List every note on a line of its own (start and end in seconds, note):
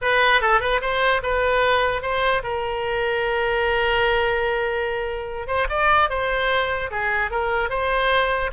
0.01 0.41 B4
0.41 0.60 A4
0.60 0.80 B4
0.81 1.21 C5
1.23 2.02 B4
2.02 2.42 C5
2.43 5.47 A#4
5.47 5.67 C5
5.69 6.09 D5
6.09 6.90 C5
6.90 7.30 G#4
7.30 7.69 A#4
7.69 8.50 C5